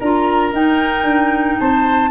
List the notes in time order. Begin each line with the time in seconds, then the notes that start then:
0.00 D4 F4 A#4 A#5
0.53 D#4 G5
1.04 D4
1.60 C4 C5 A5